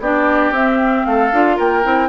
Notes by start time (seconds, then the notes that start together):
0.00 B3 D4 G4 D5
0.51 C4 E5
1.06 A3 A4 F5
1.32 D4 F4
1.57 A#3 A#4 G5
1.83 C4 E4